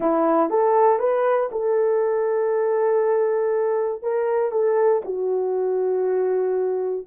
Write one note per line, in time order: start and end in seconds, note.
0.00 0.50 E4
0.50 0.99 A4
0.99 1.49 B4
1.51 4.02 A4
4.02 4.51 A#4
4.51 5.02 A4
5.04 7.06 F#4